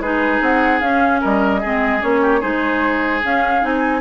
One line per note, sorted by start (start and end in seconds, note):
0.00 0.40 G#3
0.00 0.82 D#4
0.00 1.21 G#4
0.00 0.42 B4
0.41 0.81 C4
0.41 0.81 F#5
0.81 1.22 C#4
0.81 1.62 C#4
0.81 1.21 F5
1.21 1.65 G3
1.21 1.61 A#4
1.21 2.03 D#5
1.61 2.03 G#3
1.61 2.01 C4
1.61 2.21 G#4
2.01 2.44 A#3
2.01 2.41 C#4
2.01 2.42 C#5
2.22 2.40 G4
2.40 3.24 G#3
2.40 3.22 D#4
2.40 4.01 G#4
2.40 3.22 C5
3.24 3.62 C#4
3.24 3.64 C#4
3.24 3.66 F5
3.62 4.02 C4
3.62 4.02 D#4
3.62 4.02 G#5